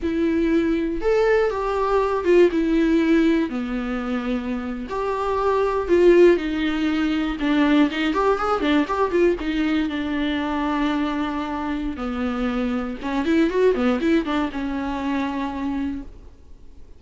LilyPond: \new Staff \with { instrumentName = "viola" } { \time 4/4 \tempo 4 = 120 e'2 a'4 g'4~ | g'8 f'8 e'2 b4~ | b4.~ b16 g'2 f'16~ | f'8. dis'2 d'4 dis'16~ |
dis'16 g'8 gis'8 d'8 g'8 f'8 dis'4 d'16~ | d'1 | b2 cis'8 e'8 fis'8 b8 | e'8 d'8 cis'2. | }